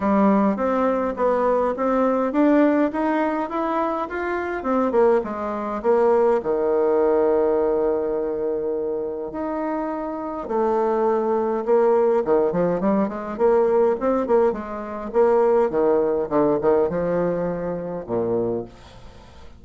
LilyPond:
\new Staff \with { instrumentName = "bassoon" } { \time 4/4 \tempo 4 = 103 g4 c'4 b4 c'4 | d'4 dis'4 e'4 f'4 | c'8 ais8 gis4 ais4 dis4~ | dis1 |
dis'2 a2 | ais4 dis8 f8 g8 gis8 ais4 | c'8 ais8 gis4 ais4 dis4 | d8 dis8 f2 ais,4 | }